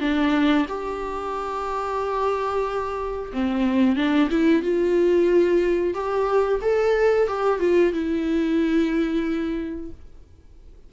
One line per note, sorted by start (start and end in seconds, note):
0.00 0.66 D4
0.68 3.32 G4
3.33 3.96 C4
3.96 4.29 D4
4.30 4.62 E4
4.62 5.94 F4
5.94 6.60 G4
6.62 7.27 A4
7.27 7.60 G4
7.60 7.93 F4
7.93 9.91 E4